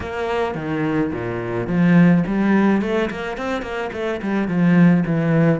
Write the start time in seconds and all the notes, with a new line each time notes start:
0.00 A#3
0.55 D#3
1.12 A#2
1.67 F3
2.27 G3
2.81 A3
3.10 A#3
3.37 C4
3.62 A#3
3.92 A3
4.22 G3
4.48 F3
5.06 E3